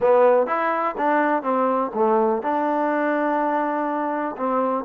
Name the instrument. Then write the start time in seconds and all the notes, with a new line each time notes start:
trombone
0.00 B3
0.46 E4
0.97 D4
1.42 C4
1.94 A3
2.42 D4
4.37 C4